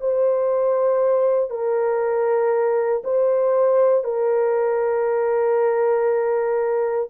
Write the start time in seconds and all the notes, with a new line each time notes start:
0.00 C5
1.49 A#4
3.04 C5
4.04 A#4